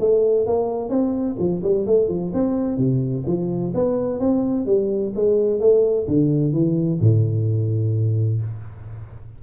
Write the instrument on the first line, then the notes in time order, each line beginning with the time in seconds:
tuba
0.00 A3
0.47 A#3
0.89 C4
1.39 F3
1.63 G3
1.87 A3
2.09 F3
2.34 C4
2.77 C3
3.27 F3
3.75 B3
4.20 C4
4.66 G3
5.15 G#3
5.60 A3
6.08 D3
6.53 E3
7.01 A2